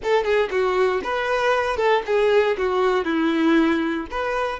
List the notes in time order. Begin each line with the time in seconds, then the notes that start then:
0.03 A4
0.24 G#4
0.50 F#4
1.03 B4
1.77 A4
2.06 G#4
2.57 F#4
3.04 E4
4.10 B4